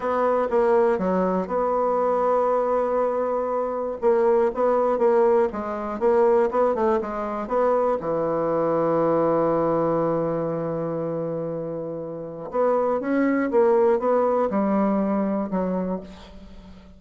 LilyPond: \new Staff \with { instrumentName = "bassoon" } { \time 4/4 \tempo 4 = 120 b4 ais4 fis4 b4~ | b1 | ais4 b4 ais4 gis4 | ais4 b8 a8 gis4 b4 |
e1~ | e1~ | e4 b4 cis'4 ais4 | b4 g2 fis4 | }